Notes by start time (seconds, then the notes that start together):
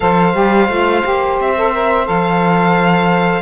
0.00 F3 A4 C5 F5
0.33 G3 G4
0.68 A3 F4
1.03 A#3 G4
1.39 C4 E5
1.57 A4
1.72 A#4
2.04 F3 A4 F5